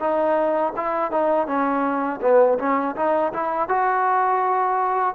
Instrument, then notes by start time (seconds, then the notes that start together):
trombone
0.00 D#4
0.76 E4
1.11 D#4
1.47 C#4
2.22 B3
2.59 C#4
2.96 D#4
3.33 E4
3.69 F#4